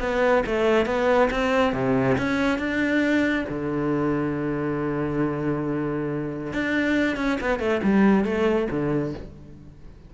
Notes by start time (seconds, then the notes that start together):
0.00 B3
0.46 A3
0.86 B3
1.31 C4
1.73 C3
2.18 C#4
2.58 D4
3.49 D3
6.53 D4
7.17 C#4
7.41 B3
7.60 A3
7.83 G3
8.25 A3
8.71 D3